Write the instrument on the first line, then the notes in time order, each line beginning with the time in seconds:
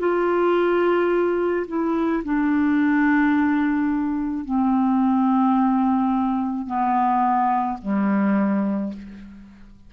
clarinet
0.00 F4
1.68 E4
2.25 D4
4.45 C4
6.67 B3
7.82 G3